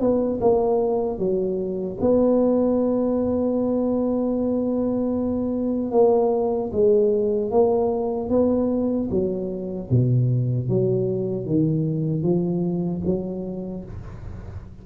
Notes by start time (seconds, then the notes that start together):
0.00 B3
0.41 A#3
1.18 F#3
2.01 B3
5.91 A#3
6.72 G#3
7.50 A#3
8.29 B3
9.10 F#3
9.90 B2
10.68 F#3
11.45 D#3
12.22 F3
13.05 F#3